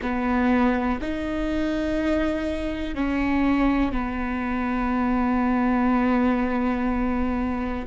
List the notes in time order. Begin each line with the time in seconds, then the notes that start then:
0.01 B3
1.01 D#4
2.95 C#4
3.92 B3